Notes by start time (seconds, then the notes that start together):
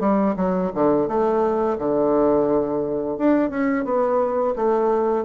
0.00 G3
0.36 F#3
0.74 D3
1.08 A3
1.78 D3
3.18 D4
3.50 C#4
3.85 B3
4.56 A3